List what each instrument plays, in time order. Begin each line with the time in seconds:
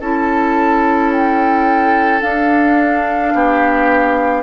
0.00 bassoon C#4, clarinet E4, oboe A4, flute A5
1.12 flute G5
2.20 clarinet D4, bassoon D4, flute F5
3.34 bassoon B3, oboe G4